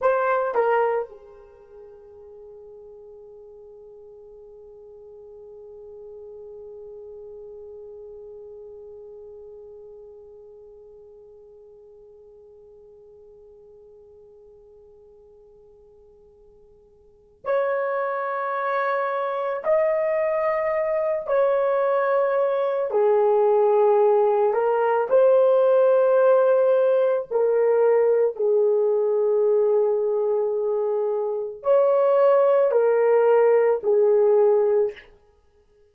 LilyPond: \new Staff \with { instrumentName = "horn" } { \time 4/4 \tempo 4 = 55 c''8 ais'8 gis'2.~ | gis'1~ | gis'1~ | gis'1 |
cis''2 dis''4. cis''8~ | cis''4 gis'4. ais'8 c''4~ | c''4 ais'4 gis'2~ | gis'4 cis''4 ais'4 gis'4 | }